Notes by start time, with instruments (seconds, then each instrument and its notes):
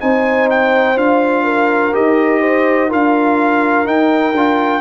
0.00 tuba C4, trombone D#4, horn C5, trumpet G#5
0.50 trumpet G5
0.96 tuba D4, trombone F4, trumpet F5
1.44 horn A#4
1.93 tuba D#4, trombone G4, trumpet D#5
2.41 horn C5
2.89 tuba D4, trombone F4, horn A#4, trumpet F5
3.85 trombone D#4, tuba D#4, trumpet G5
4.33 tuba D4, trombone F4